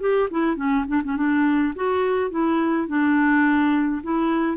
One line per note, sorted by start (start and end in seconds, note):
0.00 0.29 G4
0.30 0.56 E4
0.56 0.85 C#4
0.88 1.02 D4
1.04 1.16 C#4
1.16 1.74 D4
1.75 2.31 F#4
2.31 2.88 E4
2.88 4.02 D4
4.03 4.57 E4